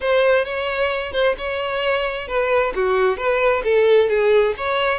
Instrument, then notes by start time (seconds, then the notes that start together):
violin
0.00 C5
0.44 C#5
1.12 C5
1.38 C#5
2.27 B4
2.75 F#4
3.17 B4
3.64 A4
4.09 G#4
4.57 C#5